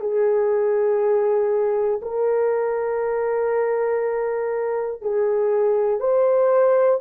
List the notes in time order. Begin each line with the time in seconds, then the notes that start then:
0.00 G#4
2.01 A#4
5.01 G#4
6.00 C5